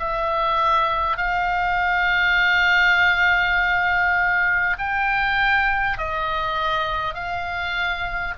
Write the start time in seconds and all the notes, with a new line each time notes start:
0.00 E5
1.18 F5
4.79 G5
5.98 D#5
7.15 F5